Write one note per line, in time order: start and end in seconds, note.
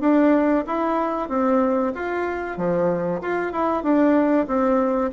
0.00 0.64 D4
0.66 1.29 E4
1.29 1.92 C4
1.94 2.57 F4
2.57 3.21 F3
3.21 3.52 F4
3.52 3.83 E4
3.83 4.47 D4
4.47 5.11 C4